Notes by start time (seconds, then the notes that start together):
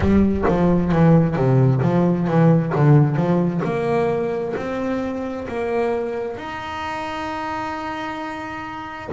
0.00 G3
0.48 F3
0.92 E3
1.36 C3
1.82 F3
2.27 E3
2.75 D3
3.16 F3
3.64 A#3
4.56 C4
5.48 A#3
6.37 D#4